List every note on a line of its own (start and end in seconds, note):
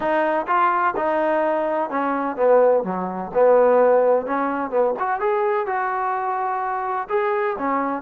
0.00 0.46 D#4
0.47 0.94 F4
0.96 1.90 D#4
1.90 2.36 C#4
2.36 2.83 B3
2.83 3.31 F#3
3.33 4.26 B3
4.26 4.70 C#4
4.70 4.94 B3
4.99 5.20 F#4
5.20 5.66 G#4
5.66 7.08 F#4
7.09 7.56 G#4
7.58 8.02 C#4